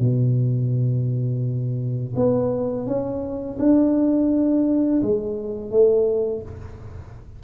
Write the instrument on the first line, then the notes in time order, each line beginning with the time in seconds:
tuba
0.00 B2
2.16 B3
2.86 C#4
3.59 D4
5.02 G#3
5.71 A3